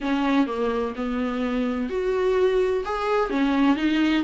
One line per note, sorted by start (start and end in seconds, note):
0.00 0.46 C#4
0.46 0.93 A#3
0.95 1.89 B3
1.89 2.84 F#4
2.84 3.29 G#4
3.29 3.76 C#4
3.76 4.23 D#4